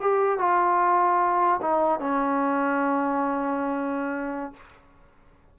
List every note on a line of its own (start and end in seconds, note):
0.00 0.39 G4
0.39 1.60 F4
1.61 2.00 D#4
2.00 4.53 C#4